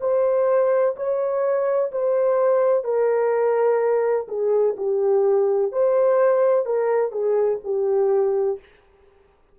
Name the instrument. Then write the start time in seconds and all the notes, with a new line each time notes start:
horn
0.00 C5
0.96 C#5
1.91 C5
2.84 A#4
4.28 G#4
4.77 G4
5.72 C5
6.65 A#4
7.11 G#4
7.64 G4